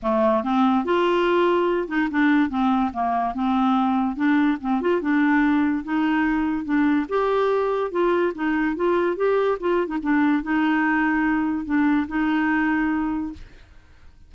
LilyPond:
\new Staff \with { instrumentName = "clarinet" } { \time 4/4 \tempo 4 = 144 a4 c'4 f'2~ | f'8 dis'8 d'4 c'4 ais4 | c'2 d'4 c'8 f'8 | d'2 dis'2 |
d'4 g'2 f'4 | dis'4 f'4 g'4 f'8. dis'16 | d'4 dis'2. | d'4 dis'2. | }